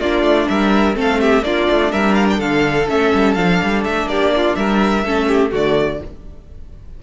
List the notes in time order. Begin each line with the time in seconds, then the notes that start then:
0.00 A#3 D4 F4 D5
0.22 A3
0.48 G3 A#4 E5
0.94 A3 C4 A4
1.00 F5
1.20 G4 E5
1.43 A#3 D4 F4 D5
1.70 A3
1.92 G3 A#4 E5
2.14 F5
2.29 G5
2.37 D3 A4 F5
2.88 A3 C#4 E5
3.14 G3
3.34 F3 D4 F5
3.63 G3
3.84 A3 E5
4.06 A#3 G4 D5
4.36 F4
4.55 G3 A#4 E5
5.04 A3 C#4 A4
5.28 G4
5.50 D3 A3 F#4 D5